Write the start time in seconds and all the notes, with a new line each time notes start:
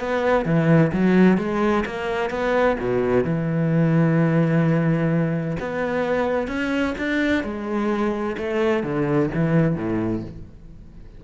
0.00 B3
0.46 E3
0.93 F#3
1.38 G#3
1.86 A#3
2.31 B3
2.80 B2
3.25 E3
5.60 B3
6.48 C#4
6.98 D4
7.44 G#3
8.38 A3
8.84 D3
9.34 E3
9.76 A2